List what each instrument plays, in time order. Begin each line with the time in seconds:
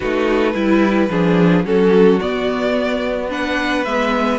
0.00 cello A3, viola D#4, violin F#4 B4
0.54 cello G3, viola E4, violin E4
1.09 cello F3, viola D4, violin G#4
1.64 cello F#3, viola C#4, violin F#4 A4
2.20 viola B3, cello B3, violin D5
3.29 viola D4, violin B4 F#5
3.84 cello G#3, viola B3, violin E5